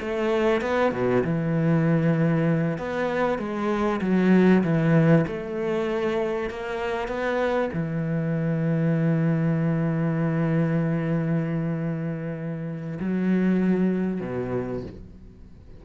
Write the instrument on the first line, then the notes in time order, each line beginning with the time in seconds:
cello
0.00 A3
0.61 B3
0.92 B2
1.24 E3
2.78 B3
3.39 G#3
4.01 F#3
4.63 E3
5.27 A3
6.50 A#3
7.08 B3
7.73 E3
13.00 F#3
14.21 B2